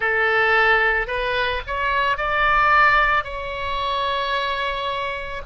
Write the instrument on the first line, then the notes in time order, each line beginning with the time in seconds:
oboe
0.00 A4
1.07 B4
1.67 C#5
2.17 D5
3.23 C#5